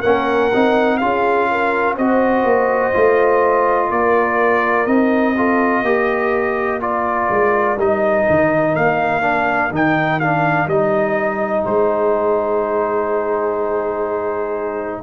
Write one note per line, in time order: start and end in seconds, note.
0.00 0.52 A#3
0.00 0.52 C#4
0.00 0.97 A#4
0.00 0.98 F#5
0.54 1.02 C4
0.54 1.01 D#4
0.98 1.98 C#4
0.98 1.98 F4
0.98 1.48 G#4
0.98 1.94 F5
1.51 1.95 A#4
1.95 2.44 C4
1.95 2.94 F#4
1.95 3.89 C5
1.95 3.91 D#5
2.44 2.93 A#3
2.94 3.91 A3
2.94 4.87 F4
3.91 4.87 A#3
3.91 5.37 A#4
3.91 4.87 D5
4.87 5.83 C4
4.87 5.36 D#4
4.87 6.80 D#5
5.37 5.85 F4
5.37 5.83 A4
5.83 7.28 A#3
5.83 6.81 G4
5.83 11.64 A#4
6.81 7.78 F4
6.81 7.79 D5
7.30 7.77 G#3
7.77 8.26 G3
7.77 9.22 D#4
7.77 8.76 D#5
8.30 8.76 D#3
8.76 9.71 A#3
8.76 9.72 F5
9.22 9.70 D4
9.71 10.67 D#3
9.71 10.21 D#4
9.71 10.20 G5
10.20 10.70 D4
10.20 10.69 F5
10.67 11.64 G3
10.67 15.03 D#4
10.67 11.65 D#5
11.64 15.03 G#3
11.64 15.03 G#4
11.64 15.03 C5